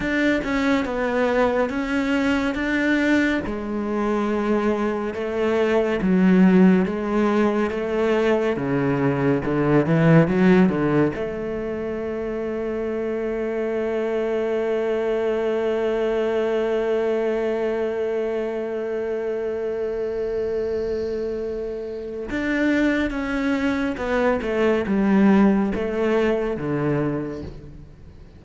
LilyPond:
\new Staff \with { instrumentName = "cello" } { \time 4/4 \tempo 4 = 70 d'8 cis'8 b4 cis'4 d'4 | gis2 a4 fis4 | gis4 a4 cis4 d8 e8 | fis8 d8 a2.~ |
a1~ | a1~ | a2 d'4 cis'4 | b8 a8 g4 a4 d4 | }